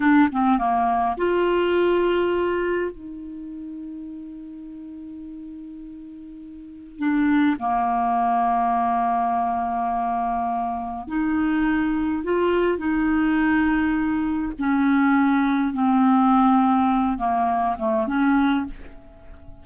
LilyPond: \new Staff \with { instrumentName = "clarinet" } { \time 4/4 \tempo 4 = 103 d'8 c'8 ais4 f'2~ | f'4 dis'2.~ | dis'1 | d'4 ais2.~ |
ais2. dis'4~ | dis'4 f'4 dis'2~ | dis'4 cis'2 c'4~ | c'4. ais4 a8 cis'4 | }